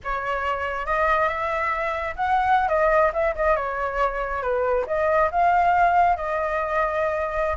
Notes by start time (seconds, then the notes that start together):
0.04 C#5
0.86 D#5
1.28 E5
2.16 F#5
2.68 D#5
3.13 E5
3.35 D#5
3.56 C#5
4.42 B4
4.86 D#5
5.31 F5
6.16 D#5